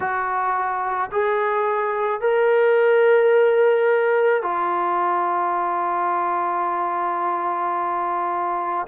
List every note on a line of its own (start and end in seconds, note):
0.00 1.10 F#4
1.11 2.20 G#4
2.20 4.42 A#4
4.42 8.86 F4